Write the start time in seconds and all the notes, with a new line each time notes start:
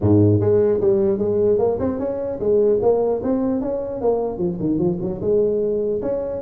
0.00 G#2
0.40 G#3
0.81 G3
1.18 G#3
1.58 A#3
1.79 C4
1.99 C#4
2.39 G#3
2.81 A#3
3.23 C4
3.61 C#4
4.01 A#3
4.38 F3
4.59 D#3
4.78 F3
5.00 F#3
5.21 G#3
6.02 C#4